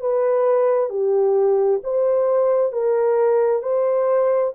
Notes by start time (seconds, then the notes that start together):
0.00 B4
0.90 G4
1.83 C5
2.72 A#4
3.62 C5